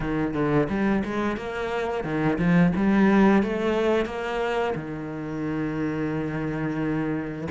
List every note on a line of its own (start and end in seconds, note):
0.00 0.33 D#3
0.33 0.68 D3
0.69 1.03 G3
1.04 1.36 G#3
1.36 2.04 A#3
2.04 2.38 D#3
2.38 2.72 F3
2.76 3.42 G3
3.42 4.05 A3
4.05 4.74 A#3
4.75 7.48 D#3